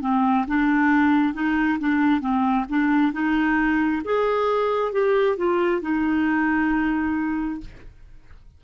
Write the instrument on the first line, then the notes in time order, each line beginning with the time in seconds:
clarinet
0.00 C4
0.47 D4
1.34 D#4
1.79 D4
2.21 C4
2.69 D4
3.13 D#4
4.04 G#4
4.92 G4
5.36 F4
5.81 D#4